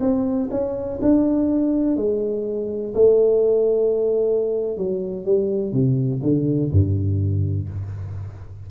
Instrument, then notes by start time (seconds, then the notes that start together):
tuba
0.00 C4
0.50 C#4
1.01 D4
1.96 G#3
2.94 A3
4.77 F#3
5.25 G3
5.72 C3
6.22 D3
6.71 G2